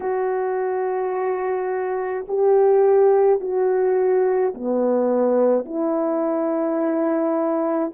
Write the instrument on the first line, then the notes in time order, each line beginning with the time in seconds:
horn
0.00 F#4
2.27 G4
3.40 F#4
4.54 B3
5.65 E4